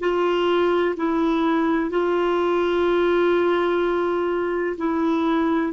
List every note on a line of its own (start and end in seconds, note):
0.00 0.95 F4
0.97 1.90 E4
1.90 4.76 F4
4.77 5.73 E4